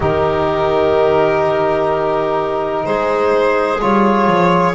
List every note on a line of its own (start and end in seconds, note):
0.00 2.86 D#3
0.00 3.79 D#4
0.00 2.86 G4
0.00 2.85 A#4
2.85 3.81 G#3
2.85 4.74 G#4
2.85 3.80 C5
3.80 4.27 G3
3.80 4.74 F4
3.80 4.74 C#5
4.27 4.74 F3